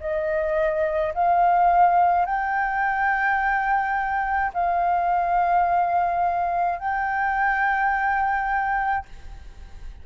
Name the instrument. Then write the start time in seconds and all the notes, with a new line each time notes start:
flute
0.00 D#5
1.14 F5
2.26 G5
4.54 F5
6.79 G5